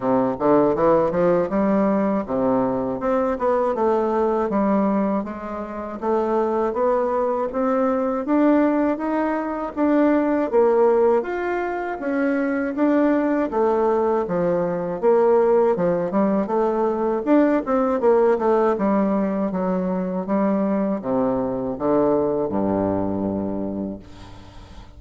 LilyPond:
\new Staff \with { instrumentName = "bassoon" } { \time 4/4 \tempo 4 = 80 c8 d8 e8 f8 g4 c4 | c'8 b8 a4 g4 gis4 | a4 b4 c'4 d'4 | dis'4 d'4 ais4 f'4 |
cis'4 d'4 a4 f4 | ais4 f8 g8 a4 d'8 c'8 | ais8 a8 g4 fis4 g4 | c4 d4 g,2 | }